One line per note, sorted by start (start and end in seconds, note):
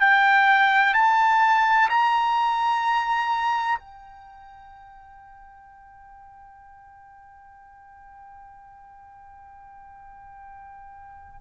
0.00 0.94 G5
0.94 1.89 A5
1.89 3.78 A#5
3.78 11.40 G5